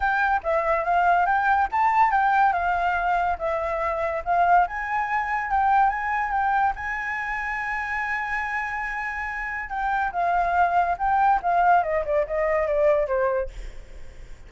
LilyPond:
\new Staff \with { instrumentName = "flute" } { \time 4/4 \tempo 4 = 142 g''4 e''4 f''4 g''4 | a''4 g''4 f''2 | e''2 f''4 gis''4~ | gis''4 g''4 gis''4 g''4 |
gis''1~ | gis''2. g''4 | f''2 g''4 f''4 | dis''8 d''8 dis''4 d''4 c''4 | }